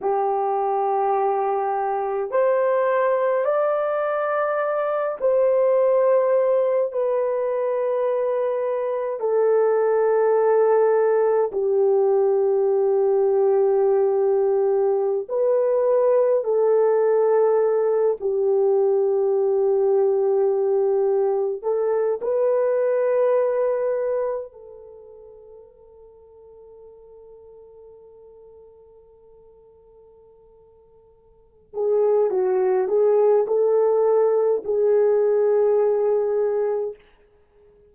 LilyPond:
\new Staff \with { instrumentName = "horn" } { \time 4/4 \tempo 4 = 52 g'2 c''4 d''4~ | d''8 c''4. b'2 | a'2 g'2~ | g'4~ g'16 b'4 a'4. g'16~ |
g'2~ g'8. a'8 b'8.~ | b'4~ b'16 a'2~ a'8.~ | a'2.~ a'8 gis'8 | fis'8 gis'8 a'4 gis'2 | }